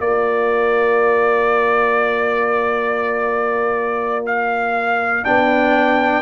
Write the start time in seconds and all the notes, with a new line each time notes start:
0.00 A#3 F4 D5
4.26 F5
5.24 B3 D4 G5